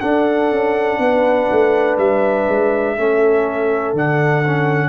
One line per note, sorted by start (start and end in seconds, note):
0.00 0.51 D4
0.00 2.98 D4
0.00 0.98 A4
0.00 1.97 F#5
0.51 0.99 C#4
0.99 1.48 B3
0.99 2.97 B4
1.52 1.98 A3
1.98 2.47 G3
1.98 3.95 E5
2.48 2.98 G#3
2.98 3.94 A3
2.98 3.96 C#4
2.98 4.90 A4
3.94 4.90 D3
3.94 4.45 D4
3.94 4.90 F#5
4.47 4.90 C#4